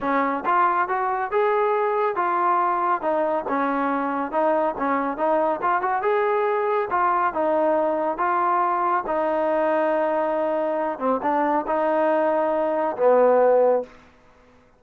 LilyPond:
\new Staff \with { instrumentName = "trombone" } { \time 4/4 \tempo 4 = 139 cis'4 f'4 fis'4 gis'4~ | gis'4 f'2 dis'4 | cis'2 dis'4 cis'4 | dis'4 f'8 fis'8 gis'2 |
f'4 dis'2 f'4~ | f'4 dis'2.~ | dis'4. c'8 d'4 dis'4~ | dis'2 b2 | }